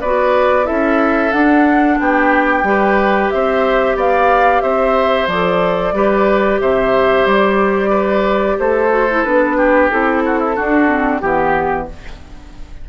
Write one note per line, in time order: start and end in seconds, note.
0.00 0.69 B3
0.00 0.64 F#4
0.00 0.66 B4
0.00 0.66 D5
0.64 1.33 C#4
0.64 1.30 E4
0.64 1.98 A4
0.64 1.32 E5
1.32 2.64 D4
1.32 1.99 D4
1.32 1.98 F#5
1.99 2.63 B3
1.99 2.68 G4
1.99 3.30 G5
2.63 3.29 G3
2.63 5.28 G4
2.63 3.34 B4
3.30 3.95 C4
3.30 3.96 C5
3.30 3.96 E5
3.95 4.61 B3
3.95 4.62 D5
3.95 4.61 F5
4.61 5.27 C4
4.61 5.94 C5
4.61 5.27 E5
5.27 5.92 F3
5.27 5.94 A4
5.27 6.60 D5
5.92 6.58 G3
5.92 8.89 G4
5.92 6.61 B4
6.61 7.26 C3
6.61 7.90 C5
6.61 7.26 E5
7.26 8.57 G3
7.26 8.58 D5
7.90 8.55 B4
8.59 9.24 A3
8.59 9.57 A4
8.59 9.24 C5
8.89 9.06 F#4
9.10 9.25 E4
9.24 9.91 B3
9.24 9.91 D4
9.24 9.90 B4
9.57 10.23 G4
9.90 10.58 C4
9.90 10.55 E4
9.90 11.19 A4
10.26 10.39 F#4
10.39 10.55 E4
10.55 10.87 D4
10.55 11.22 D4
10.55 11.21 F#4
10.87 11.20 C4
11.19 11.88 E3
11.19 11.88 B3
11.19 11.85 G4
11.19 11.87 G4